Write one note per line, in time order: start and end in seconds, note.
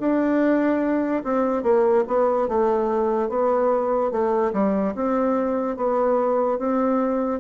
0.00 1.23 D4
1.24 1.63 C4
1.63 2.04 A#3
2.07 2.48 B3
2.48 3.29 A3
3.29 4.11 B3
4.11 4.52 A3
4.53 4.94 G3
4.95 5.76 C4
5.76 6.59 B3
6.59 7.40 C4